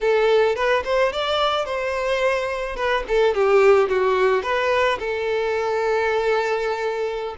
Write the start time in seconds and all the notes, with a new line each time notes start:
0.00 A4
0.55 B4
0.84 C5
1.12 D5
1.65 C5
2.76 B4
3.08 A4
3.34 G4
3.89 F#4
4.42 B4
4.99 A4